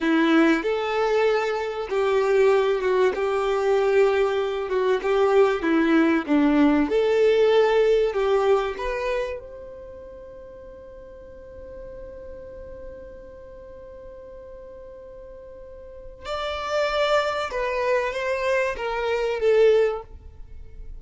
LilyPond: \new Staff \with { instrumentName = "violin" } { \time 4/4 \tempo 4 = 96 e'4 a'2 g'4~ | g'8 fis'8 g'2~ g'8 fis'8 | g'4 e'4 d'4 a'4~ | a'4 g'4 b'4 c''4~ |
c''1~ | c''1~ | c''2 d''2 | b'4 c''4 ais'4 a'4 | }